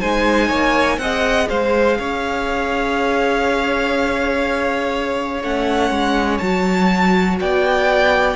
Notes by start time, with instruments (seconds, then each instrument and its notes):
0.00 cello G#3, viola D#4, violin C5 G#5
0.48 cello A#3, violin C#5
0.98 cello C4, viola G#4, violin D#5 F#5
1.48 cello G#3, violin C5 F5
1.98 cello C#4, violin C#5
5.42 cello A3, viola C#4, violin F#5
5.90 cello G#3
6.38 cello F#3, viola F#4, violin A5
7.40 cello B3, violin D5 G5